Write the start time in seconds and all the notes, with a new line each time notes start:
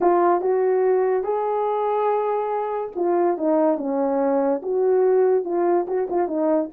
0.00 F4
0.41 F#4
1.23 G#4
2.95 F4
3.37 D#4
3.77 C#4
4.62 F#4
5.44 F4
5.87 F#4
6.10 F4
6.27 D#4